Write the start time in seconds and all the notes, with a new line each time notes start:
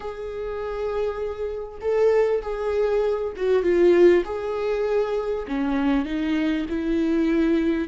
0.00 G#4
1.81 A4
2.42 G#4
3.36 F#4
3.63 F4
4.24 G#4
5.47 C#4
6.05 D#4
6.69 E4